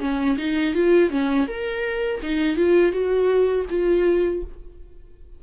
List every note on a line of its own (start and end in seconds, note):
0.00 0.37 C#4
0.38 0.75 D#4
0.75 1.10 F4
1.10 1.46 C#4
1.47 2.21 A#4
2.23 2.56 D#4
2.56 2.92 F4
2.92 3.66 F#4
3.70 4.43 F4